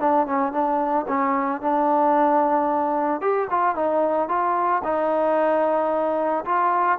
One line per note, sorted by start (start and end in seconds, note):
0.00 0.27 D4
0.27 0.53 C#4
0.53 1.06 D4
1.08 1.62 C#4
1.62 3.21 D4
3.21 3.48 G4
3.50 3.76 F4
3.76 4.29 D#4
4.29 4.82 F4
4.84 6.45 D#4
6.45 6.99 F4